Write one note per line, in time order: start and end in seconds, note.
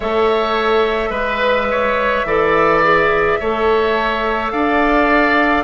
0.00 1.09 A3
0.00 1.14 A4
0.00 1.10 C#5
0.00 4.50 E5
1.09 2.23 G#3
1.09 1.66 B4
1.16 2.27 B4
1.71 2.26 C#5
2.24 3.37 E3
2.24 2.83 A4
2.24 3.39 D5
2.83 3.40 G#4
3.39 4.52 A3
3.39 5.64 A4
3.39 4.52 C#5
4.50 5.64 D4
4.50 5.64 D5
4.50 5.64 F5